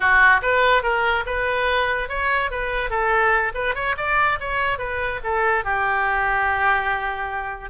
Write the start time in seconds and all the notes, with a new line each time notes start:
0.00 F#4
0.42 B4
0.82 A#4
1.26 B4
2.09 C#5
2.50 B4
2.90 A4
3.54 B4
3.74 C#5
3.97 D5
4.40 C#5
4.78 B4
5.23 A4
5.64 G4